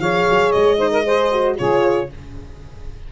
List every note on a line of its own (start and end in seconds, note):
0.00 0.26 F3
0.00 0.78 G#4
0.00 0.78 C#5
0.00 0.52 F5
0.30 0.55 F#3
0.52 1.60 G#3
0.52 1.56 D#5
0.78 1.04 D#4
0.78 0.91 C5
0.92 1.05 A#4
1.05 1.32 G#4
1.05 1.57 C5
1.32 1.58 F#4
1.58 2.12 C#3
1.58 2.09 F4
1.58 2.09 G#4
1.58 2.10 C#5